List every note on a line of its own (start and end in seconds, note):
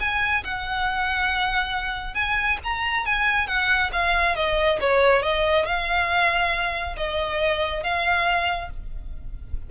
0.00 0.43 G#5
0.44 2.15 F#5
2.15 2.58 G#5
2.64 3.06 A#5
3.06 3.47 G#5
3.47 3.91 F#5
3.92 4.36 F5
4.36 4.79 D#5
4.81 5.22 C#5
5.22 5.66 D#5
5.66 6.96 F5
6.97 7.83 D#5
7.83 8.70 F5